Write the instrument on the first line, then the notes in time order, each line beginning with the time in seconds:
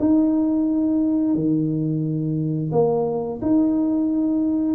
tuba
0.00 D#4
1.35 D#3
2.72 A#3
3.42 D#4